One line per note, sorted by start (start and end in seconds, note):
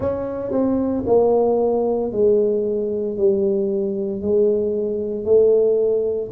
0.00 0.51 C#4
0.51 1.04 C4
1.06 2.11 A#3
2.11 3.17 G#3
3.17 4.21 G3
4.21 5.24 G#3
5.24 6.30 A3